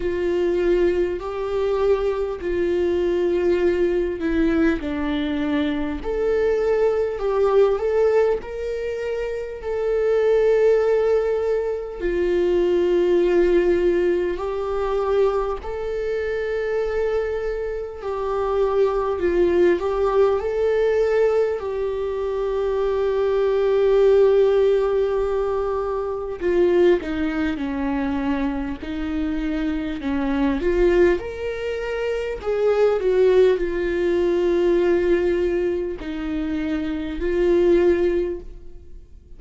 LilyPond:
\new Staff \with { instrumentName = "viola" } { \time 4/4 \tempo 4 = 50 f'4 g'4 f'4. e'8 | d'4 a'4 g'8 a'8 ais'4 | a'2 f'2 | g'4 a'2 g'4 |
f'8 g'8 a'4 g'2~ | g'2 f'8 dis'8 cis'4 | dis'4 cis'8 f'8 ais'4 gis'8 fis'8 | f'2 dis'4 f'4 | }